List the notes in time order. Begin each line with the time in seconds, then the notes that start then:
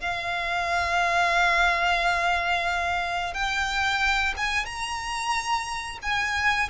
0.00 F5
3.34 G5
4.37 G#5
4.65 A#5
6.02 G#5